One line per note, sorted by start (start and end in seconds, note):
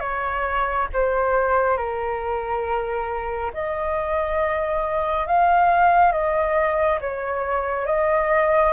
0.00 0.87 C#5
0.93 1.77 C5
1.77 3.51 A#4
3.53 5.27 D#5
5.27 6.12 F5
6.12 6.99 D#5
7.01 7.86 C#5
7.86 8.73 D#5